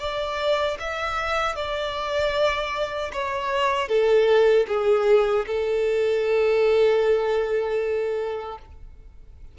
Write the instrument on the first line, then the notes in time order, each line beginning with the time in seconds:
violin
0.00 D5
0.80 E5
1.56 D5
3.13 C#5
3.89 A4
4.68 G#4
5.47 A4